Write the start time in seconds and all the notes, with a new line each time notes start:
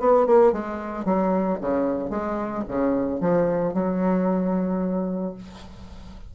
0.00 B3
0.27 A#3
0.53 G#3
1.05 F#3
1.61 C#3
2.11 G#3
2.69 C#3
3.21 F3
3.74 F#3